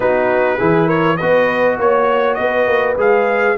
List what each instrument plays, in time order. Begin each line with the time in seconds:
0.00 tuba B3, trombone D#4, horn F#4, trumpet B4
0.57 tuba E3, trombone E4, horn G#4
0.86 horn A#4, trumpet C#5
1.16 tuba B3, trombone F#4, horn B4, trumpet D#5
1.78 tuba A#3, horn C#5, trumpet C#5
2.34 tuba B3, horn B4, trumpet D#5
2.66 tuba A#3
2.97 tuba G#3, trombone G#4, trumpet F5